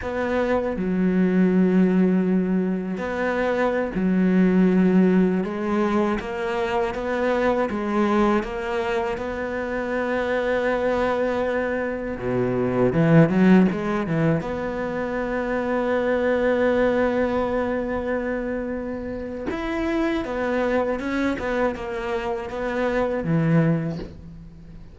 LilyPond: \new Staff \with { instrumentName = "cello" } { \time 4/4 \tempo 4 = 80 b4 fis2. | b4~ b16 fis2 gis8.~ | gis16 ais4 b4 gis4 ais8.~ | ais16 b2.~ b8.~ |
b16 b,4 e8 fis8 gis8 e8 b8.~ | b1~ | b2 e'4 b4 | cis'8 b8 ais4 b4 e4 | }